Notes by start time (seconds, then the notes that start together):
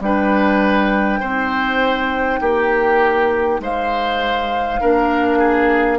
0.00 G3 D4 B4 G5
1.20 C4 D#4 C5
2.41 A#3 G4
3.60 G#3 C5 F5
4.81 A#3 D4 A#4
5.39 G#4